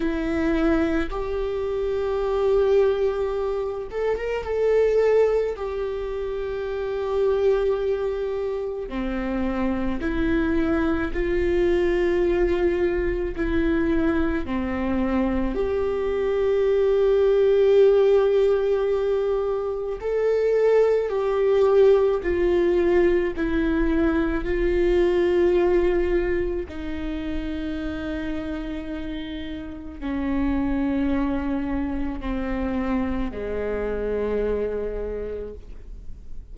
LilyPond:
\new Staff \with { instrumentName = "viola" } { \time 4/4 \tempo 4 = 54 e'4 g'2~ g'8 a'16 ais'16 | a'4 g'2. | c'4 e'4 f'2 | e'4 c'4 g'2~ |
g'2 a'4 g'4 | f'4 e'4 f'2 | dis'2. cis'4~ | cis'4 c'4 gis2 | }